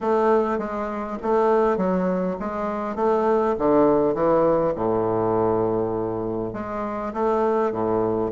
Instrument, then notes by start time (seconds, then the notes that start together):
bassoon
0.01 A3
0.58 G#3
1.22 A3
1.77 F#3
2.39 G#3
2.95 A3
3.58 D3
4.14 E3
4.75 A2
6.53 G#3
7.13 A3
7.71 A2